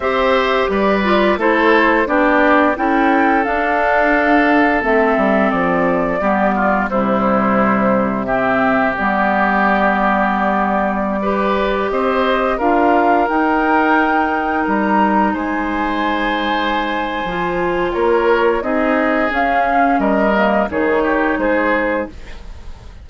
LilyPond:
<<
  \new Staff \with { instrumentName = "flute" } { \time 4/4 \tempo 4 = 87 e''4 d''4 c''4 d''4 | g''4 f''2 e''4 | d''2 c''2 | e''4 d''2.~ |
d''4~ d''16 dis''4 f''4 g''8.~ | g''4~ g''16 ais''4 gis''4.~ gis''16~ | gis''2 cis''4 dis''4 | f''4 dis''4 cis''4 c''4 | }
  \new Staff \with { instrumentName = "oboe" } { \time 4/4 c''4 b'4 a'4 g'4 | a'1~ | a'4 g'8 f'8 e'2 | g'1~ |
g'16 b'4 c''4 ais'4.~ ais'16~ | ais'2~ ais'16 c''4.~ c''16~ | c''2 ais'4 gis'4~ | gis'4 ais'4 gis'8 g'8 gis'4 | }
  \new Staff \with { instrumentName = "clarinet" } { \time 4/4 g'4. f'8 e'4 d'4 | e'4 d'2 c'4~ | c'4 b4 g2 | c'4 b2.~ |
b16 g'2 f'4 dis'8.~ | dis'1~ | dis'4 f'2 dis'4 | cis'4. ais8 dis'2 | }
  \new Staff \with { instrumentName = "bassoon" } { \time 4/4 c'4 g4 a4 b4 | cis'4 d'2 a8 g8 | f4 g4 c2~ | c4 g2.~ |
g4~ g16 c'4 d'4 dis'8.~ | dis'4~ dis'16 g4 gis4.~ gis16~ | gis4 f4 ais4 c'4 | cis'4 g4 dis4 gis4 | }
>>